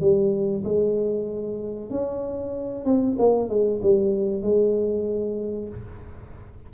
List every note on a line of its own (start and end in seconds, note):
0.00 0.63 G3
0.64 1.90 G#3
1.90 2.85 C#4
2.85 3.17 C4
3.19 3.49 A#3
3.49 3.81 G#3
3.82 4.42 G3
4.42 5.68 G#3